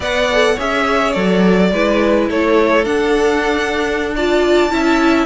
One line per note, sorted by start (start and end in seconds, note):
0.00 0.57 B3
0.00 0.29 B4
0.00 0.54 D5
0.00 0.59 F#5
0.32 0.57 A4
0.54 1.15 C#4
0.54 1.14 G#4
0.54 1.68 C#5
0.54 1.12 E5
1.12 1.72 F#3
1.12 1.71 A4
1.12 2.26 D5
1.72 2.29 G#3
1.72 2.84 E4
1.72 2.29 B4
2.29 2.85 A3
2.29 4.15 A4
2.29 2.85 C#5
2.84 4.13 D4
2.84 4.71 D4
2.84 4.13 F#5
4.15 4.69 F4
4.15 4.72 D5
4.15 5.25 A5
4.69 5.25 C#4
4.69 5.25 E4
4.69 5.25 E5